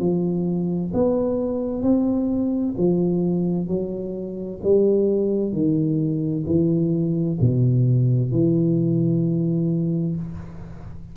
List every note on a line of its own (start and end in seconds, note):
0.00 0.92 F3
0.94 1.83 B3
1.83 2.75 C4
2.78 3.68 F3
3.68 4.60 F#3
4.64 5.53 G3
5.53 6.45 D#3
6.47 7.39 E3
7.41 8.32 B2
8.32 10.17 E3